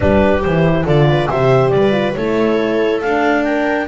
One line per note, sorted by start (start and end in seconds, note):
0.00 0.44 G3
0.00 0.42 D4
0.00 0.86 G4
0.00 0.42 B4
0.42 0.84 E3
0.42 0.86 E4
0.42 0.85 C5
0.84 1.28 D3
0.84 1.29 F4
0.84 1.08 A4
0.84 1.29 D5
1.08 1.29 B4
1.29 1.72 C3
1.29 1.91 G4
1.29 1.72 C5
1.29 1.69 E5
1.69 2.15 G3
1.69 2.12 D5
1.76 2.17 B4
1.91 2.13 F4
2.15 3.02 A3
2.15 3.03 E4
2.15 3.46 A4
2.15 3.01 C#5
3.01 3.87 D4
3.01 3.43 F5
3.43 3.87 A#4
3.43 3.86 G5